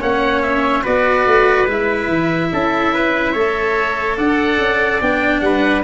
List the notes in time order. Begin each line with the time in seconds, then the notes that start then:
0.00 A#3 C#4 C#5 F#5
0.42 E5
0.83 B3 F#4 B4 D5
1.27 A3
1.67 G#3 E4 E5
2.08 E3
2.52 C#4 A4
2.94 B4
3.33 A3 A4 C#5
4.17 D4 D5 F#5
4.58 C#4
5.01 B3 D4 G5
5.40 G3 B4 F#5